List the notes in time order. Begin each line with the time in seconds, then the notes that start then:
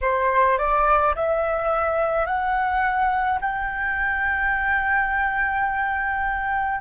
0.01 C5
0.58 D5
1.15 E5
2.26 F#5
3.41 G5